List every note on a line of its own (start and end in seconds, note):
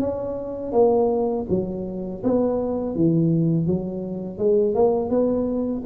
0.00 0.73 C#4
0.73 1.46 A#3
1.50 2.23 F#3
2.24 2.95 B3
2.95 3.67 E3
3.67 4.39 F#3
4.39 4.75 G#3
4.75 5.10 A#3
5.10 5.83 B3